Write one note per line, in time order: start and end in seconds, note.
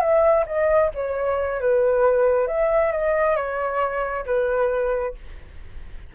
0.00 0.44 E5
0.46 0.91 D#5
0.94 1.60 C#5
1.60 2.47 B4
2.47 2.92 E5
2.92 3.36 D#5
3.36 4.25 C#5
4.25 5.14 B4